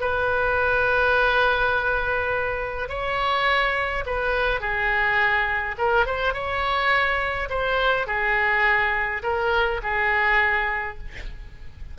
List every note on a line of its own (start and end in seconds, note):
0.00 2.88 B4
2.88 4.04 C#5
4.05 4.60 B4
4.60 5.75 G#4
5.77 6.06 A#4
6.06 6.33 C5
6.33 7.48 C#5
7.49 8.06 C5
8.06 9.22 G#4
9.23 9.80 A#4
9.82 10.98 G#4